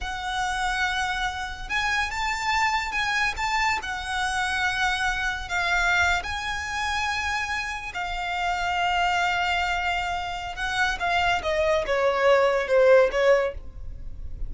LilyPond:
\new Staff \with { instrumentName = "violin" } { \time 4/4 \tempo 4 = 142 fis''1 | gis''4 a''2 gis''4 | a''4 fis''2.~ | fis''4 f''4.~ f''16 gis''4~ gis''16~ |
gis''2~ gis''8. f''4~ f''16~ | f''1~ | f''4 fis''4 f''4 dis''4 | cis''2 c''4 cis''4 | }